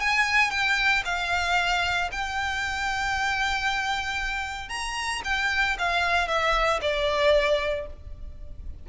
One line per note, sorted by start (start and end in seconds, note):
0.00 0.50 G#5
0.50 1.03 G5
1.05 2.10 F5
2.11 4.69 G5
4.69 5.22 A#5
5.24 5.77 G5
5.78 6.28 F5
6.28 6.80 E5
6.81 7.86 D5